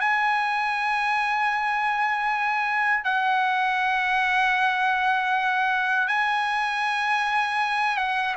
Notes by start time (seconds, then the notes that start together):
0.00 G#5
3.04 F#5
6.08 G#5
7.97 F#5